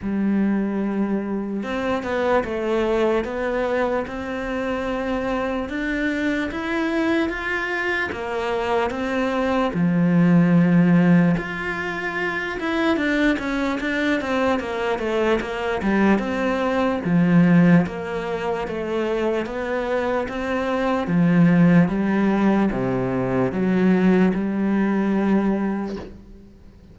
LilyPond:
\new Staff \with { instrumentName = "cello" } { \time 4/4 \tempo 4 = 74 g2 c'8 b8 a4 | b4 c'2 d'4 | e'4 f'4 ais4 c'4 | f2 f'4. e'8 |
d'8 cis'8 d'8 c'8 ais8 a8 ais8 g8 | c'4 f4 ais4 a4 | b4 c'4 f4 g4 | c4 fis4 g2 | }